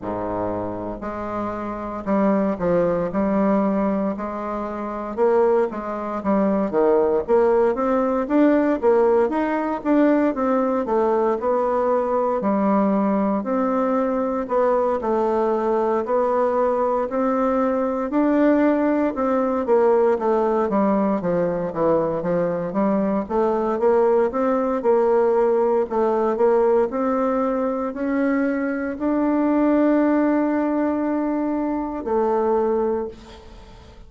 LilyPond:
\new Staff \with { instrumentName = "bassoon" } { \time 4/4 \tempo 4 = 58 gis,4 gis4 g8 f8 g4 | gis4 ais8 gis8 g8 dis8 ais8 c'8 | d'8 ais8 dis'8 d'8 c'8 a8 b4 | g4 c'4 b8 a4 b8~ |
b8 c'4 d'4 c'8 ais8 a8 | g8 f8 e8 f8 g8 a8 ais8 c'8 | ais4 a8 ais8 c'4 cis'4 | d'2. a4 | }